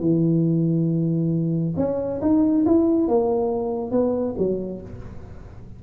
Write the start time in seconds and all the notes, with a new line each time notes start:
0.00 E3
1.77 C#4
2.21 D#4
2.65 E4
3.08 A#3
3.91 B3
4.38 F#3